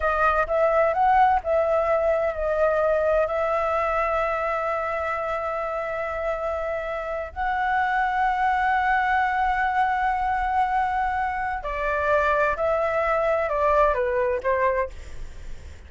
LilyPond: \new Staff \with { instrumentName = "flute" } { \time 4/4 \tempo 4 = 129 dis''4 e''4 fis''4 e''4~ | e''4 dis''2 e''4~ | e''1~ | e''2.~ e''8. fis''16~ |
fis''1~ | fis''1~ | fis''4 d''2 e''4~ | e''4 d''4 b'4 c''4 | }